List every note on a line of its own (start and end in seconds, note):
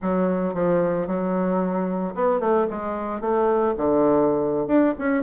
0.01 0.54 F#3
0.54 1.07 F3
1.07 2.14 F#3
2.15 2.40 B3
2.40 2.66 A3
2.70 3.20 G#3
3.20 3.74 A3
3.77 4.67 D3
4.67 4.94 D4
4.98 5.23 C#4